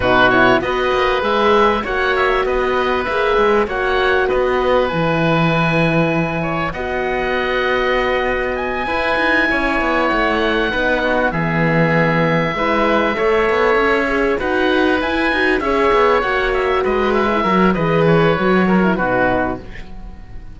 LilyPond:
<<
  \new Staff \with { instrumentName = "oboe" } { \time 4/4 \tempo 4 = 98 b'8 cis''8 dis''4 e''4 fis''8 e''8 | dis''4 e''4 fis''4 dis''4 | gis''2. fis''4~ | fis''2 gis''2~ |
gis''8 fis''2 e''4.~ | e''2.~ e''8 fis''8~ | fis''8 gis''4 e''4 fis''8 e''8 dis''8 | e''4 dis''8 cis''4. b'4 | }
  \new Staff \with { instrumentName = "oboe" } { \time 4/4 fis'4 b'2 cis''4 | b'2 cis''4 b'4~ | b'2~ b'8 cis''8 dis''4~ | dis''2~ dis''8 b'4 cis''8~ |
cis''4. b'8 fis'8 gis'4.~ | gis'8 b'4 cis''2 b'8~ | b'4. cis''2 b'8~ | b'8 ais'8 b'4. ais'8 fis'4 | }
  \new Staff \with { instrumentName = "horn" } { \time 4/4 dis'8 e'8 fis'4 gis'4 fis'4~ | fis'4 gis'4 fis'2 | e'2. fis'4~ | fis'2~ fis'8 e'4.~ |
e'4. dis'4 b4.~ | b8 e'4 a'4. gis'8 fis'8~ | fis'8 e'8 fis'8 gis'4 fis'4.~ | fis'16 e'16 fis'8 gis'4 fis'8. e'16 dis'4 | }
  \new Staff \with { instrumentName = "cello" } { \time 4/4 b,4 b8 ais8 gis4 ais4 | b4 ais8 gis8 ais4 b4 | e2. b4~ | b2~ b8 e'8 dis'8 cis'8 |
b8 a4 b4 e4.~ | e8 gis4 a8 b8 cis'4 dis'8~ | dis'8 e'8 dis'8 cis'8 b8 ais4 gis8~ | gis8 fis8 e4 fis4 b,4 | }
>>